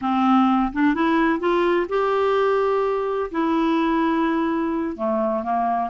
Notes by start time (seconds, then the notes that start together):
0.01 C4
0.73 D4
0.94 E4
1.39 F4
1.88 G4
3.31 E4
4.96 A3
5.43 A#3